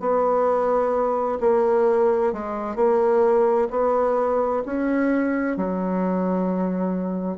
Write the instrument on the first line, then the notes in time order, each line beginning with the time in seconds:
bassoon
0.00 B3
1.40 A#3
2.32 G#3
2.75 A#3
3.70 B3
4.65 C#4
5.57 F#3